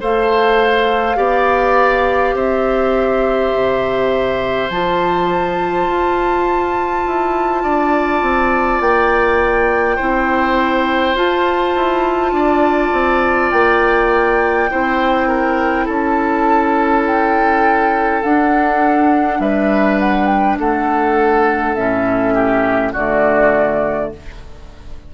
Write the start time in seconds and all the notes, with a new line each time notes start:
0.00 A3 A4 C5 F5
1.16 B3 G4 D5
2.34 C4 C5 E5
3.54 C3
4.69 F3 F4 A5
5.87 F4
7.06 E4
7.63 D4 D5
8.22 C4
8.80 A#3 G5
9.96 C4 E4 C5
11.15 F4 A5
11.75 E4
12.32 D4 D5
12.92 C4
13.51 A#3 G5
14.70 C4 E4 C5
15.27 A#4
15.85 C#4 A4 A5
17.07 G5
18.22 D4 F#5
19.39 G3 B4 E5
19.99 F#5
20.26 G5
20.59 A3 A4 F#5
21.75 A2 C#4 E5
22.34 G4
22.92 D3 A3 F#4 D5